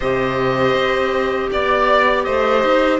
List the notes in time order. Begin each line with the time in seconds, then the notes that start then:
0.00 C3 G4 C5 D#5
0.74 C4
1.51 B3 D5
2.23 A3 C5 D#5
2.63 D#4